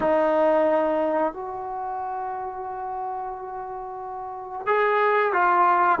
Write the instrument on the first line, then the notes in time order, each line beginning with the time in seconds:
trombone
0.00 D#4
1.33 F#4
4.66 G#4
5.32 F4